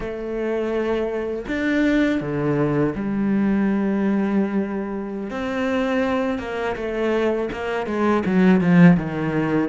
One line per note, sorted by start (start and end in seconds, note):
0.00 1.45 A3
1.47 2.21 D4
2.21 2.94 D3
2.95 5.30 G3
5.30 6.39 C4
6.39 6.75 A#3
6.75 7.49 A3
7.52 7.86 A#3
7.86 8.23 G#3
8.25 8.60 F#3
8.60 8.96 F3
8.96 9.69 D#3